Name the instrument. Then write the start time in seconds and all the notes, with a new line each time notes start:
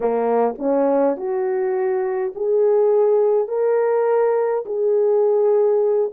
horn
0.00 A#3
0.58 C#4
1.16 F#4
2.35 G#4
3.47 A#4
4.65 G#4